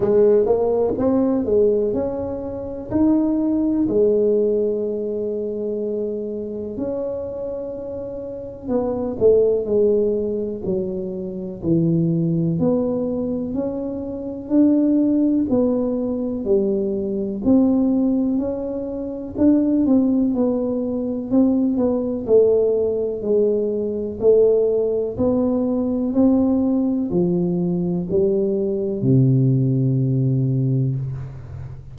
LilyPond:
\new Staff \with { instrumentName = "tuba" } { \time 4/4 \tempo 4 = 62 gis8 ais8 c'8 gis8 cis'4 dis'4 | gis2. cis'4~ | cis'4 b8 a8 gis4 fis4 | e4 b4 cis'4 d'4 |
b4 g4 c'4 cis'4 | d'8 c'8 b4 c'8 b8 a4 | gis4 a4 b4 c'4 | f4 g4 c2 | }